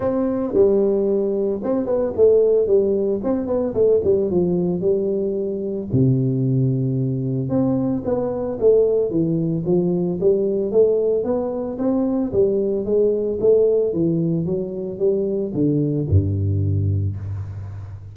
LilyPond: \new Staff \with { instrumentName = "tuba" } { \time 4/4 \tempo 4 = 112 c'4 g2 c'8 b8 | a4 g4 c'8 b8 a8 g8 | f4 g2 c4~ | c2 c'4 b4 |
a4 e4 f4 g4 | a4 b4 c'4 g4 | gis4 a4 e4 fis4 | g4 d4 g,2 | }